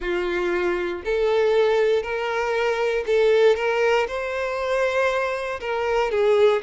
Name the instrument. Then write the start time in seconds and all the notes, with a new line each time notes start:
violin
0.00 F4
1.04 A4
2.02 A#4
3.06 A4
3.56 A#4
4.07 C5
5.60 A#4
6.11 G#4